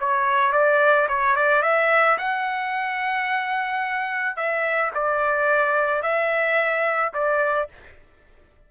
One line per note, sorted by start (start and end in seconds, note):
0.00 0.53 C#5
0.53 1.08 D5
1.09 1.36 C#5
1.37 1.63 D5
1.63 2.18 E5
2.18 4.37 F#5
4.37 4.92 E5
4.95 6.03 D5
6.03 7.13 E5
7.14 7.69 D5